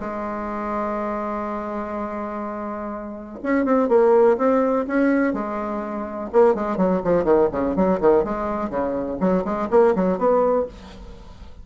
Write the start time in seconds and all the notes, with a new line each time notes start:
0.00 G#3
3.43 C#4
3.65 C4
3.89 A#3
4.37 C4
4.87 C#4
5.33 G#3
6.33 A#3
6.55 G#3
6.77 F#3
7.04 F3
7.24 D#3
7.52 C#3
7.76 F#3
8.01 D#3
8.24 G#3
8.70 C#3
9.20 F#3
9.44 G#3
9.71 A#3
9.95 F#3
10.18 B3